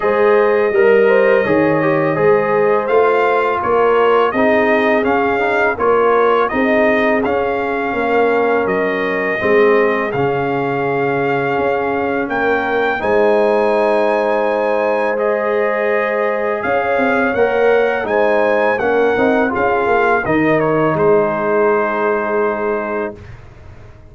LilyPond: <<
  \new Staff \with { instrumentName = "trumpet" } { \time 4/4 \tempo 4 = 83 dis''1 | f''4 cis''4 dis''4 f''4 | cis''4 dis''4 f''2 | dis''2 f''2~ |
f''4 g''4 gis''2~ | gis''4 dis''2 f''4 | fis''4 gis''4 fis''4 f''4 | dis''8 cis''8 c''2. | }
  \new Staff \with { instrumentName = "horn" } { \time 4/4 c''4 ais'8 c''8 cis''4 c''4~ | c''4 ais'4 gis'2 | ais'4 gis'2 ais'4~ | ais'4 gis'2.~ |
gis'4 ais'4 c''2~ | c''2. cis''4~ | cis''4 c''4 ais'4 gis'4 | ais'4 gis'2. | }
  \new Staff \with { instrumentName = "trombone" } { \time 4/4 gis'4 ais'4 gis'8 g'8 gis'4 | f'2 dis'4 cis'8 dis'8 | f'4 dis'4 cis'2~ | cis'4 c'4 cis'2~ |
cis'2 dis'2~ | dis'4 gis'2. | ais'4 dis'4 cis'8 dis'8 f'4 | dis'1 | }
  \new Staff \with { instrumentName = "tuba" } { \time 4/4 gis4 g4 dis4 gis4 | a4 ais4 c'4 cis'4 | ais4 c'4 cis'4 ais4 | fis4 gis4 cis2 |
cis'4 ais4 gis2~ | gis2. cis'8 c'8 | ais4 gis4 ais8 c'8 cis'8 ais8 | dis4 gis2. | }
>>